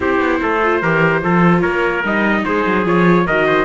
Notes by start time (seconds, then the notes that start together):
0.00 C4 E4 G4 C5
0.20 B3
0.42 A3 A4
0.63 F4
0.81 E3 G4 A#4
1.21 F3 F4 A4
1.60 A#3 A#4 C#5
2.03 G3 D#4 D#5
2.45 G#3 G#4 C5
2.65 F#3
2.85 F3 F4 C#5
3.26 D#3 F#4 A#4 D#5
3.46 C5